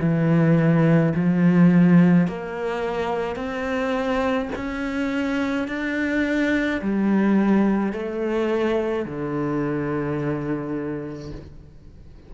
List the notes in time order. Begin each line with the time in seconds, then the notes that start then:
0.00 E3
1.15 F3
2.27 A#3
3.36 C4
4.56 C#4
5.68 D4
6.81 G3
7.92 A3
9.06 D3